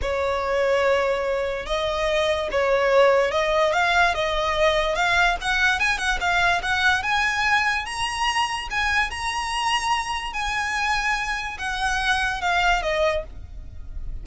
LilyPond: \new Staff \with { instrumentName = "violin" } { \time 4/4 \tempo 4 = 145 cis''1 | dis''2 cis''2 | dis''4 f''4 dis''2 | f''4 fis''4 gis''8 fis''8 f''4 |
fis''4 gis''2 ais''4~ | ais''4 gis''4 ais''2~ | ais''4 gis''2. | fis''2 f''4 dis''4 | }